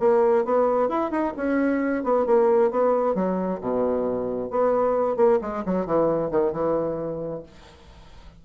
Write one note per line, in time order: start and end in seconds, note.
0.00 0.45 A#3
0.45 0.89 B3
0.89 1.11 E4
1.11 1.34 D#4
1.37 2.04 C#4
2.04 2.26 B3
2.26 2.71 A#3
2.71 3.15 B3
3.15 3.60 F#3
3.61 4.51 B2
4.51 5.17 B3
5.17 5.40 A#3
5.42 5.64 G#3
5.66 5.86 F#3
5.86 6.31 E3
6.31 6.53 D#3
6.53 7.43 E3